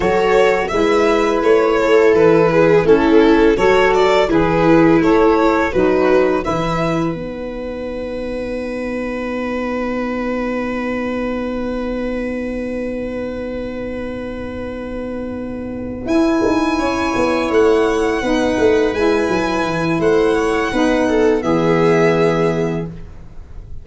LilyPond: <<
  \new Staff \with { instrumentName = "violin" } { \time 4/4 \tempo 4 = 84 cis''4 e''4 cis''4 b'4 | a'4 cis''8 d''8 b'4 cis''4 | b'4 e''4 fis''2~ | fis''1~ |
fis''1~ | fis''2~ fis''8 gis''4.~ | gis''8 fis''2 gis''4. | fis''2 e''2 | }
  \new Staff \with { instrumentName = "viola" } { \time 4/4 a'4 b'4. a'4 gis'8 | e'4 fis'4 e'2 | fis'4 b'2.~ | b'1~ |
b'1~ | b'2.~ b'8 cis''8~ | cis''4. b'2~ b'8 | c''8 cis''8 b'8 a'8 gis'2 | }
  \new Staff \with { instrumentName = "saxophone" } { \time 4/4 fis'4 e'2. | cis'4 a'4 gis'4 a'4 | dis'4 e'4 dis'2~ | dis'1~ |
dis'1~ | dis'2~ dis'8 e'4.~ | e'4. dis'4 e'4.~ | e'4 dis'4 b2 | }
  \new Staff \with { instrumentName = "tuba" } { \time 4/4 fis4 gis4 a4 e4 | a4 fis4 e4 a4 | fis4 e4 b2~ | b1~ |
b1~ | b2~ b8 e'8 dis'8 cis'8 | b8 a4 b8 a8 gis8 fis8 e8 | a4 b4 e2 | }
>>